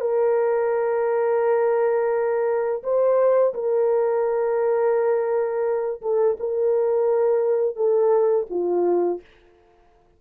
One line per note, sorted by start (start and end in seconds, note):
0.00 2.82 A#4
2.83 3.54 C5
3.54 6.01 A#4
6.01 6.37 A4
6.39 7.76 A#4
7.76 8.46 A4
8.50 9.21 F4